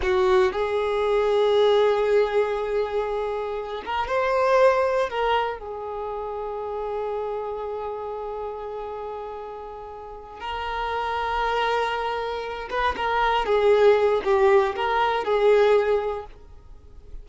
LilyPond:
\new Staff \with { instrumentName = "violin" } { \time 4/4 \tempo 4 = 118 fis'4 gis'2.~ | gis'2.~ gis'8 ais'8 | c''2 ais'4 gis'4~ | gis'1~ |
gis'1~ | gis'8 ais'2.~ ais'8~ | ais'4 b'8 ais'4 gis'4. | g'4 ais'4 gis'2 | }